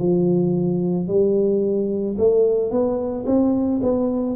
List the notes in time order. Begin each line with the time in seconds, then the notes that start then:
0.00 F3
1.08 G3
2.18 A3
2.71 B3
3.27 C4
3.83 B3